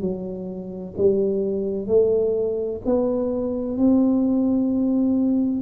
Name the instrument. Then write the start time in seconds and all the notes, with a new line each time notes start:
tuba
0.00 F#3
0.97 G3
1.87 A3
2.85 B3
3.77 C4